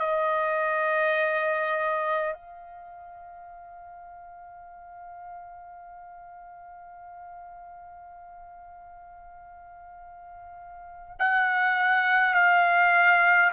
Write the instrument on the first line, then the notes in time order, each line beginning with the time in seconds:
trumpet
0.00 D#5
2.34 F5
11.19 F#5
12.34 F5